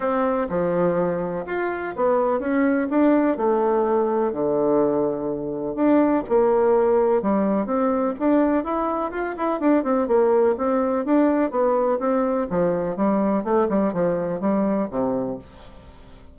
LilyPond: \new Staff \with { instrumentName = "bassoon" } { \time 4/4 \tempo 4 = 125 c'4 f2 f'4 | b4 cis'4 d'4 a4~ | a4 d2. | d'4 ais2 g4 |
c'4 d'4 e'4 f'8 e'8 | d'8 c'8 ais4 c'4 d'4 | b4 c'4 f4 g4 | a8 g8 f4 g4 c4 | }